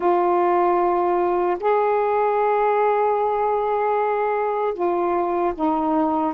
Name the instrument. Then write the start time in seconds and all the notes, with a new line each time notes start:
saxophone
0.00 F4
1.60 G#4
4.74 F4
5.54 D#4